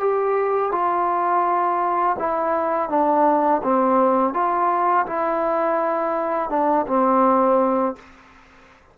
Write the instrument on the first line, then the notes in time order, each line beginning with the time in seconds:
trombone
0.00 G4
0.72 F4
2.19 E4
2.89 D4
3.63 C4
4.34 F4
5.07 E4
6.50 D4
6.87 C4